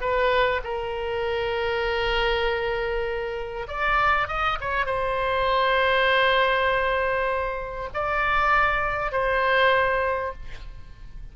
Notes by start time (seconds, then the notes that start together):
0.00 B4
0.64 A#4
3.67 D5
4.27 D#5
4.60 C#5
4.85 C5
7.93 D5
9.11 C5